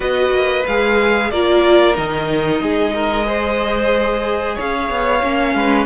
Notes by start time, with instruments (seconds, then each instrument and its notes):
0.00 cello B3, viola F#4, violin B4 D#5
0.32 cello A#3
0.66 cello G#3, viola G#4, violin F5
1.31 cello A#3, viola F4, violin A#4 D5
1.94 cello D#3, viola D#4, violin D#5
2.61 cello G#3, violin G#4
2.94 violin A#4
3.23 viola G#4, violin C5
4.55 cello C#4, violin C#5 F5
4.90 cello B3
5.22 cello A#3, viola C#4
5.54 cello G#3, violin B4